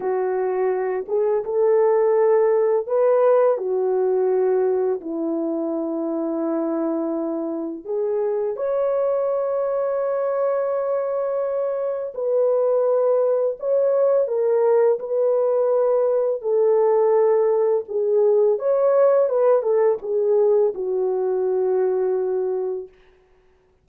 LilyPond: \new Staff \with { instrumentName = "horn" } { \time 4/4 \tempo 4 = 84 fis'4. gis'8 a'2 | b'4 fis'2 e'4~ | e'2. gis'4 | cis''1~ |
cis''4 b'2 cis''4 | ais'4 b'2 a'4~ | a'4 gis'4 cis''4 b'8 a'8 | gis'4 fis'2. | }